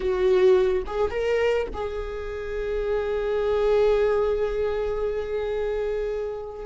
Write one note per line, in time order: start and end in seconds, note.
0.00 0.82 F#4
0.86 1.10 G#4
1.10 1.67 A#4
1.73 6.65 G#4